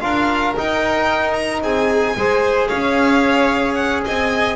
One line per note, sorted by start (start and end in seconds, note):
0.00 0.56 D4
0.00 0.55 F4
0.00 1.63 A#4
0.00 0.54 F5
0.57 2.17 D#4
0.57 1.62 D#4
0.57 1.33 G5
1.33 1.60 A#5
1.62 2.16 C4
1.62 2.17 G#4
1.62 2.68 G#5
2.16 2.70 G#3
2.16 4.56 G#4
2.16 2.68 C5
2.68 4.05 C#4
2.68 4.02 C#5
2.68 3.74 F5
3.74 4.01 F#5
4.05 4.56 C4
4.05 4.56 D#5
4.05 4.56 G#5